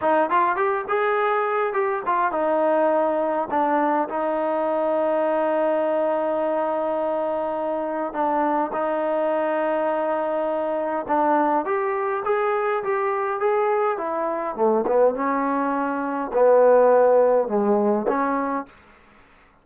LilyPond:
\new Staff \with { instrumentName = "trombone" } { \time 4/4 \tempo 4 = 103 dis'8 f'8 g'8 gis'4. g'8 f'8 | dis'2 d'4 dis'4~ | dis'1~ | dis'2 d'4 dis'4~ |
dis'2. d'4 | g'4 gis'4 g'4 gis'4 | e'4 a8 b8 cis'2 | b2 gis4 cis'4 | }